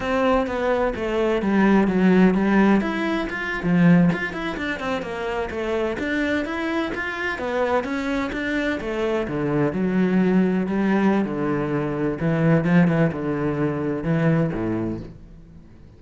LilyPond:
\new Staff \with { instrumentName = "cello" } { \time 4/4 \tempo 4 = 128 c'4 b4 a4 g4 | fis4 g4 e'4 f'8. f16~ | f8. f'8 e'8 d'8 c'8 ais4 a16~ | a8. d'4 e'4 f'4 b16~ |
b8. cis'4 d'4 a4 d16~ | d8. fis2 g4~ g16 | d2 e4 f8 e8 | d2 e4 a,4 | }